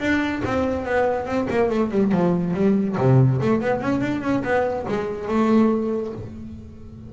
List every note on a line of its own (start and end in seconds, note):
0.00 0.42 D4
0.45 0.86 C4
0.86 1.26 B3
1.26 1.48 C4
1.50 1.70 A#3
1.70 1.91 A3
1.91 2.12 G3
2.12 2.54 F3
2.54 2.96 G3
2.98 3.40 C3
3.41 3.61 A3
3.61 3.81 B3
3.81 4.01 C#4
4.01 4.22 D4
4.22 4.43 C#4
4.44 4.86 B3
4.88 5.29 G#3
5.29 6.13 A3